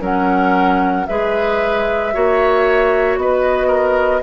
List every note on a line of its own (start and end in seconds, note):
0.00 1.05 F#3
0.00 1.06 C#4
0.00 1.06 A#4
0.00 1.06 F#5
1.06 2.14 G#3
1.06 2.13 G#4
1.06 2.14 B4
1.06 3.17 E5
2.13 3.17 A#3
2.13 4.22 F#4
2.13 3.19 C#5
3.17 4.22 B3
3.17 3.67 B4
3.17 4.22 D#5
3.67 4.20 A#4